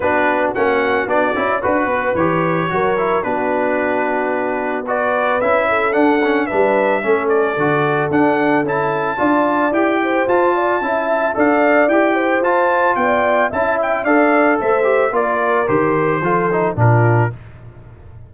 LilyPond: <<
  \new Staff \with { instrumentName = "trumpet" } { \time 4/4 \tempo 4 = 111 b'4 fis''4 d''4 b'4 | cis''2 b'2~ | b'4 d''4 e''4 fis''4 | e''4. d''4. fis''4 |
a''2 g''4 a''4~ | a''4 f''4 g''4 a''4 | g''4 a''8 g''8 f''4 e''4 | d''4 c''2 ais'4 | }
  \new Staff \with { instrumentName = "horn" } { \time 4/4 fis'2. b'4~ | b'4 ais'4 fis'2~ | fis'4 b'4. a'4. | b'4 a'2.~ |
a'4 d''4. c''4 d''8 | e''4 d''4. c''4. | d''4 e''4 d''4 c''4 | ais'2 a'4 f'4 | }
  \new Staff \with { instrumentName = "trombone" } { \time 4/4 d'4 cis'4 d'8 e'8 fis'4 | g'4 fis'8 e'8 d'2~ | d'4 fis'4 e'4 d'8 cis'8 | d'4 cis'4 fis'4 d'4 |
e'4 f'4 g'4 f'4 | e'4 a'4 g'4 f'4~ | f'4 e'4 a'4. g'8 | f'4 g'4 f'8 dis'8 d'4 | }
  \new Staff \with { instrumentName = "tuba" } { \time 4/4 b4 ais4 b8 cis'8 d'8 b8 | e4 fis4 b2~ | b2 cis'4 d'4 | g4 a4 d4 d'4 |
cis'4 d'4 e'4 f'4 | cis'4 d'4 e'4 f'4 | b4 cis'4 d'4 a4 | ais4 dis4 f4 ais,4 | }
>>